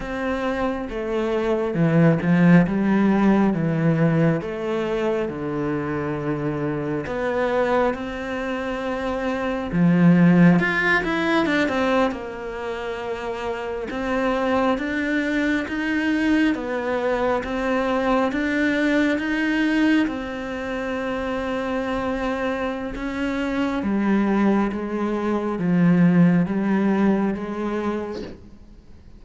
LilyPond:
\new Staff \with { instrumentName = "cello" } { \time 4/4 \tempo 4 = 68 c'4 a4 e8 f8 g4 | e4 a4 d2 | b4 c'2 f4 | f'8 e'8 d'16 c'8 ais2 c'16~ |
c'8. d'4 dis'4 b4 c'16~ | c'8. d'4 dis'4 c'4~ c'16~ | c'2 cis'4 g4 | gis4 f4 g4 gis4 | }